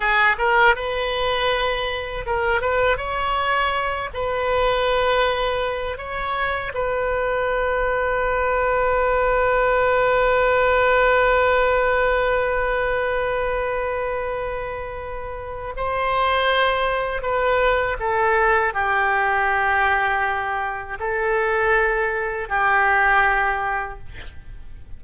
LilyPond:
\new Staff \with { instrumentName = "oboe" } { \time 4/4 \tempo 4 = 80 gis'8 ais'8 b'2 ais'8 b'8 | cis''4. b'2~ b'8 | cis''4 b'2.~ | b'1~ |
b'1~ | b'4 c''2 b'4 | a'4 g'2. | a'2 g'2 | }